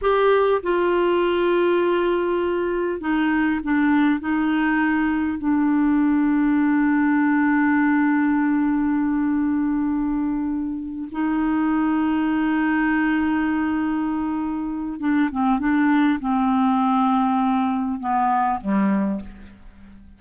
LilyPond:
\new Staff \with { instrumentName = "clarinet" } { \time 4/4 \tempo 4 = 100 g'4 f'2.~ | f'4 dis'4 d'4 dis'4~ | dis'4 d'2.~ | d'1~ |
d'2~ d'8 dis'4.~ | dis'1~ | dis'4 d'8 c'8 d'4 c'4~ | c'2 b4 g4 | }